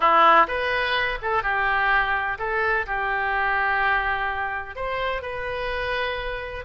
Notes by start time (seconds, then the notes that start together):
0.00 E4
0.47 B4
1.21 A4
1.42 G4
2.38 A4
2.86 G4
4.75 C5
5.22 B4